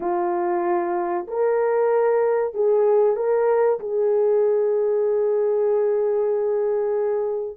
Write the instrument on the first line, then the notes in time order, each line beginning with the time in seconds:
horn
0.00 F4
1.27 A#4
2.53 G#4
3.16 A#4
3.79 G#4